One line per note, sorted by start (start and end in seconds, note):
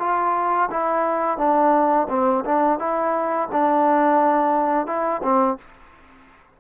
0.00 0.70 F4
0.71 1.38 E4
1.38 2.08 D4
2.10 2.45 C4
2.45 2.79 D4
2.79 3.49 E4
3.53 4.87 D4
4.87 5.22 E4
5.24 5.58 C4